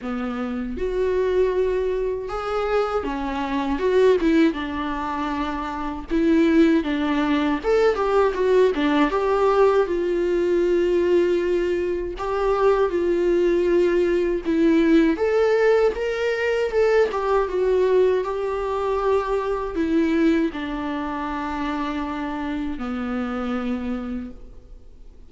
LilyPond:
\new Staff \with { instrumentName = "viola" } { \time 4/4 \tempo 4 = 79 b4 fis'2 gis'4 | cis'4 fis'8 e'8 d'2 | e'4 d'4 a'8 g'8 fis'8 d'8 | g'4 f'2. |
g'4 f'2 e'4 | a'4 ais'4 a'8 g'8 fis'4 | g'2 e'4 d'4~ | d'2 b2 | }